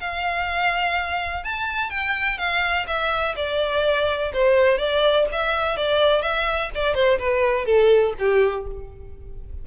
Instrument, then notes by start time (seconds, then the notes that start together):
violin
0.00 F5
1.44 A5
1.90 G5
2.38 F5
2.87 E5
3.36 D5
4.33 C5
4.78 D5
5.32 E5
5.77 D5
6.22 E5
6.75 D5
6.94 C5
7.19 B4
7.66 A4
8.19 G4